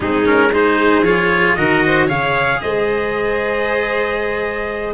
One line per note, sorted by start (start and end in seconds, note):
0.00 1.01 G#3
0.00 0.25 C4
0.00 0.50 D#4
0.00 0.26 G#4
0.25 0.51 C#4
0.25 0.52 A#4
0.52 1.04 D#4
0.52 1.57 G#4
0.52 1.04 C5
1.01 1.53 F3
1.01 1.57 F4
1.01 1.55 C#5
1.55 2.08 D#3
1.55 2.08 F#4
1.55 1.84 A#4
1.55 2.07 D#5
1.85 2.07 C5
2.07 2.60 C#3
2.07 4.93 G#4
2.07 2.59 C#5
2.07 2.60 F5
2.61 4.93 G#3
2.61 4.93 C5
2.61 4.93 D#5